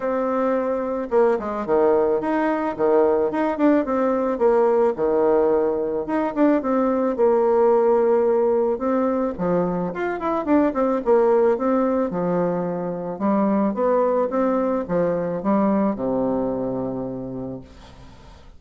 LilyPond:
\new Staff \with { instrumentName = "bassoon" } { \time 4/4 \tempo 4 = 109 c'2 ais8 gis8 dis4 | dis'4 dis4 dis'8 d'8 c'4 | ais4 dis2 dis'8 d'8 | c'4 ais2. |
c'4 f4 f'8 e'8 d'8 c'8 | ais4 c'4 f2 | g4 b4 c'4 f4 | g4 c2. | }